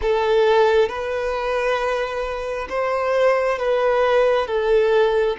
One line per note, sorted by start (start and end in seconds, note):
0.01 0.88 A4
0.88 2.67 B4
2.69 3.58 C5
3.58 4.47 B4
4.47 5.36 A4